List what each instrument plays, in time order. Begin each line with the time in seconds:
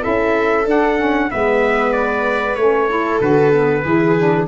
0.00 tuba C#4, saxophone E4, viola A4, trumpet E5
0.66 tuba D4, saxophone D4, trumpet F#5
0.97 saxophone C#4
1.30 tuba G#3, saxophone B3, viola B4, trumpet E5
1.92 trumpet D5
2.55 tuba A3, saxophone C#4, trumpet C#5
2.88 saxophone E4, viola A4
3.20 tuba D3, saxophone F#4, trumpet B4
3.52 saxophone B3
3.83 tuba E3, saxophone E4, viola G#4
4.18 saxophone D4